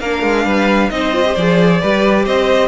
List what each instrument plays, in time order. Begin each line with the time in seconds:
0.00 cello A#3, viola D4, violin A#4 F5
0.23 cello G#3
0.45 cello G3, violin B4
0.90 cello C4, viola D#4, violin C5 D#5
1.13 viola F4
1.26 viola G4
1.35 cello F3, viola G#4, violin D5
1.81 cello G3, viola G4, violin B4
2.24 cello C4, violin C5 D#5